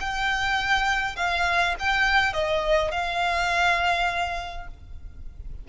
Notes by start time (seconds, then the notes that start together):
0.00 G5
1.16 F5
1.79 G5
2.33 D#5
2.91 F5